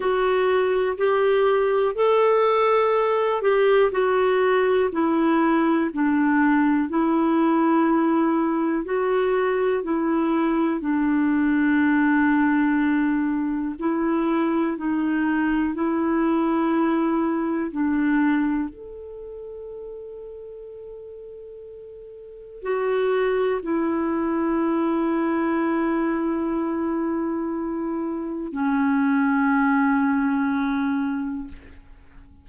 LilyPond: \new Staff \with { instrumentName = "clarinet" } { \time 4/4 \tempo 4 = 61 fis'4 g'4 a'4. g'8 | fis'4 e'4 d'4 e'4~ | e'4 fis'4 e'4 d'4~ | d'2 e'4 dis'4 |
e'2 d'4 a'4~ | a'2. fis'4 | e'1~ | e'4 cis'2. | }